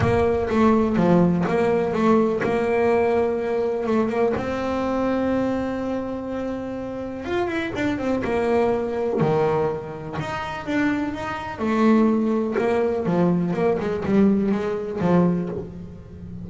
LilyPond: \new Staff \with { instrumentName = "double bass" } { \time 4/4 \tempo 4 = 124 ais4 a4 f4 ais4 | a4 ais2. | a8 ais8 c'2.~ | c'2. f'8 e'8 |
d'8 c'8 ais2 dis4~ | dis4 dis'4 d'4 dis'4 | a2 ais4 f4 | ais8 gis8 g4 gis4 f4 | }